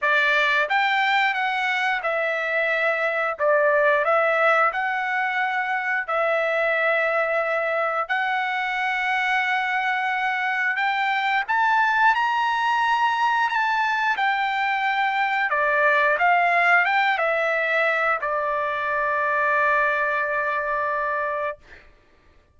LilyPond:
\new Staff \with { instrumentName = "trumpet" } { \time 4/4 \tempo 4 = 89 d''4 g''4 fis''4 e''4~ | e''4 d''4 e''4 fis''4~ | fis''4 e''2. | fis''1 |
g''4 a''4 ais''2 | a''4 g''2 d''4 | f''4 g''8 e''4. d''4~ | d''1 | }